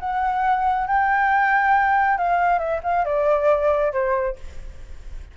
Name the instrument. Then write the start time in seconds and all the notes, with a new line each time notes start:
flute
0.00 F#5
0.87 G5
2.18 F5
2.59 E5
2.83 F5
3.05 D5
3.93 C5